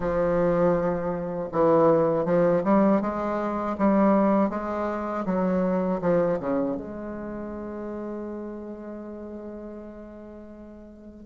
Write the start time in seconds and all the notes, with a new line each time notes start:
0.00 F3
1.52 E3
2.25 F3
2.64 G3
3.01 G#3
3.78 G3
4.49 G#3
5.25 F#3
6.01 F3
6.40 C#3
6.76 G#3